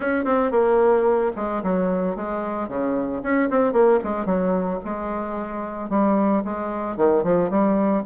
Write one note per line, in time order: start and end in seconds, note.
0.00 0.25 C#4
0.25 0.51 C4
0.51 1.31 A#3
1.36 1.62 G#3
1.63 2.16 F#3
2.16 2.68 G#3
2.68 3.22 C#3
3.22 3.49 C#4
3.49 3.72 C4
3.72 3.99 A#3
4.03 4.25 G#3
4.25 4.79 F#3
4.84 5.89 G#3
5.89 6.43 G3
6.44 6.96 G#3
6.96 7.23 D#3
7.23 7.50 F3
7.50 8.03 G3